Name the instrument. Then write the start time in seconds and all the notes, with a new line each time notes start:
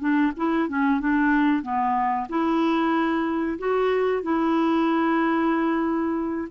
clarinet
0.00 D4
0.36 E4
0.69 C#4
1.00 D4
1.63 B3
2.29 E4
3.59 F#4
4.23 E4